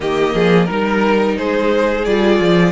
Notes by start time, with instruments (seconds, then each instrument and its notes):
0.00 cello D#3, viola A#3, violin G4 D#5
0.34 cello F3, violin G#4
0.65 cello G3, viola D#4, violin A#4
1.37 cello G#3, violin G#4 C5
2.05 cello G3, viola F4, violin D5
2.39 cello F3